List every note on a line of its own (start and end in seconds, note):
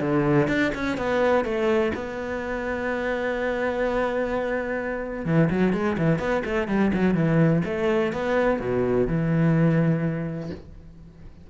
0.00 0.48 D3
0.48 0.71 D4
0.74 0.97 C#4
0.97 1.44 B3
1.44 1.92 A3
1.94 5.25 B3
5.25 5.49 E3
5.50 5.73 F#3
5.73 5.97 G#3
5.98 6.19 E3
6.19 6.43 B3
6.45 6.68 A3
6.68 6.91 G3
6.93 7.14 F#3
7.14 7.62 E3
7.65 8.12 A3
8.12 8.60 B3
8.60 9.07 B2
9.07 10.50 E3